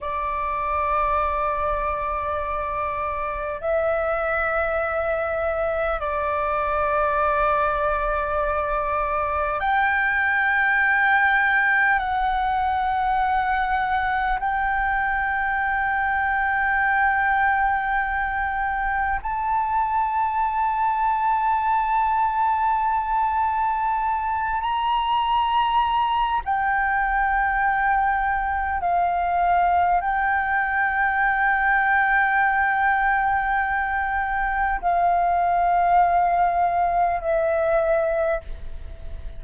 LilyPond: \new Staff \with { instrumentName = "flute" } { \time 4/4 \tempo 4 = 50 d''2. e''4~ | e''4 d''2. | g''2 fis''2 | g''1 |
a''1~ | a''8 ais''4. g''2 | f''4 g''2.~ | g''4 f''2 e''4 | }